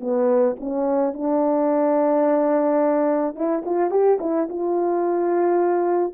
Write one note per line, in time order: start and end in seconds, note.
0.00 0.56 B3
0.60 1.13 C#4
1.13 3.35 D4
3.35 3.63 E4
3.65 3.90 F4
3.90 4.18 G4
4.20 4.48 E4
4.49 6.13 F4